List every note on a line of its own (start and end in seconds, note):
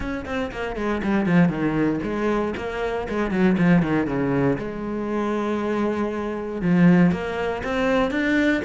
0.00 0.25 C#4
0.25 0.51 C4
0.51 0.76 A#3
0.76 1.01 G#3
1.03 1.26 G3
1.26 1.49 F3
1.49 1.99 D#3
2.03 2.54 G#3
2.56 3.07 A#3
3.09 3.31 G#3
3.31 3.56 F#3
3.57 3.82 F3
3.82 4.07 D#3
4.07 4.57 C#3
4.58 6.61 G#3
6.61 7.11 F3
7.11 7.62 A#3
7.63 8.11 C4
8.11 8.61 D4